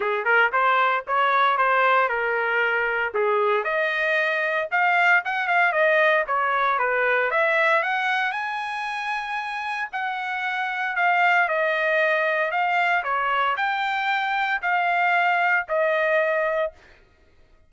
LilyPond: \new Staff \with { instrumentName = "trumpet" } { \time 4/4 \tempo 4 = 115 gis'8 ais'8 c''4 cis''4 c''4 | ais'2 gis'4 dis''4~ | dis''4 f''4 fis''8 f''8 dis''4 | cis''4 b'4 e''4 fis''4 |
gis''2. fis''4~ | fis''4 f''4 dis''2 | f''4 cis''4 g''2 | f''2 dis''2 | }